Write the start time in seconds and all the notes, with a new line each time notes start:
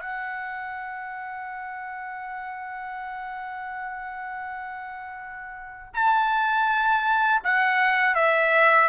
0.00 F#5
5.94 A5
7.44 F#5
8.15 E5